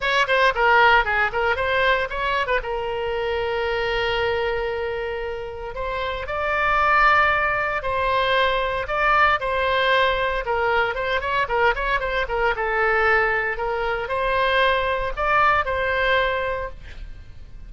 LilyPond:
\new Staff \with { instrumentName = "oboe" } { \time 4/4 \tempo 4 = 115 cis''8 c''8 ais'4 gis'8 ais'8 c''4 | cis''8. b'16 ais'2.~ | ais'2. c''4 | d''2. c''4~ |
c''4 d''4 c''2 | ais'4 c''8 cis''8 ais'8 cis''8 c''8 ais'8 | a'2 ais'4 c''4~ | c''4 d''4 c''2 | }